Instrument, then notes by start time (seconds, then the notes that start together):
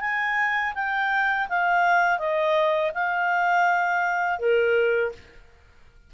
clarinet
0.00 G#5
0.74 G5
1.49 F5
2.18 D#5
2.94 F5
4.39 A#4